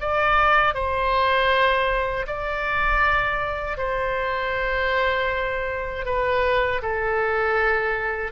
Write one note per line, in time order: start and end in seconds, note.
0.00 0.74 D5
0.74 2.26 C5
2.27 3.78 D5
3.78 6.06 C5
6.06 6.81 B4
6.82 8.32 A4